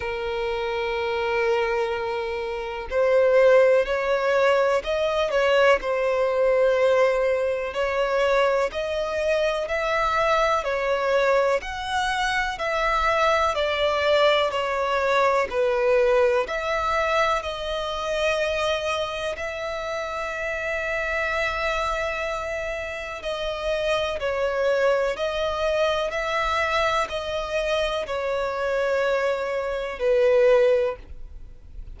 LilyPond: \new Staff \with { instrumentName = "violin" } { \time 4/4 \tempo 4 = 62 ais'2. c''4 | cis''4 dis''8 cis''8 c''2 | cis''4 dis''4 e''4 cis''4 | fis''4 e''4 d''4 cis''4 |
b'4 e''4 dis''2 | e''1 | dis''4 cis''4 dis''4 e''4 | dis''4 cis''2 b'4 | }